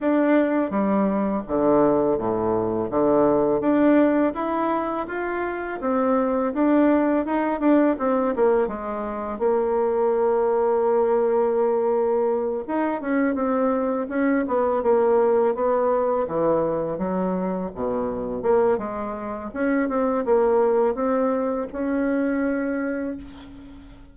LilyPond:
\new Staff \with { instrumentName = "bassoon" } { \time 4/4 \tempo 4 = 83 d'4 g4 d4 a,4 | d4 d'4 e'4 f'4 | c'4 d'4 dis'8 d'8 c'8 ais8 | gis4 ais2.~ |
ais4. dis'8 cis'8 c'4 cis'8 | b8 ais4 b4 e4 fis8~ | fis8 b,4 ais8 gis4 cis'8 c'8 | ais4 c'4 cis'2 | }